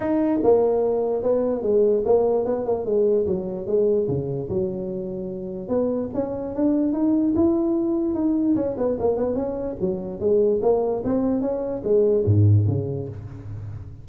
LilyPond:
\new Staff \with { instrumentName = "tuba" } { \time 4/4 \tempo 4 = 147 dis'4 ais2 b4 | gis4 ais4 b8 ais8 gis4 | fis4 gis4 cis4 fis4~ | fis2 b4 cis'4 |
d'4 dis'4 e'2 | dis'4 cis'8 b8 ais8 b8 cis'4 | fis4 gis4 ais4 c'4 | cis'4 gis4 gis,4 cis4 | }